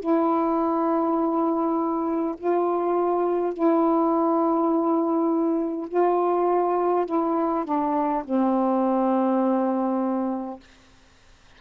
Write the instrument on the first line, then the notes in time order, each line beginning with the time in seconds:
saxophone
0.00 E4
2.37 F4
3.53 E4
5.88 F4
7.05 E4
7.65 D4
8.25 C4